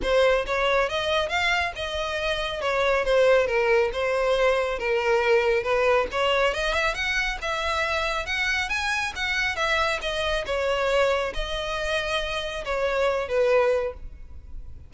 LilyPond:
\new Staff \with { instrumentName = "violin" } { \time 4/4 \tempo 4 = 138 c''4 cis''4 dis''4 f''4 | dis''2 cis''4 c''4 | ais'4 c''2 ais'4~ | ais'4 b'4 cis''4 dis''8 e''8 |
fis''4 e''2 fis''4 | gis''4 fis''4 e''4 dis''4 | cis''2 dis''2~ | dis''4 cis''4. b'4. | }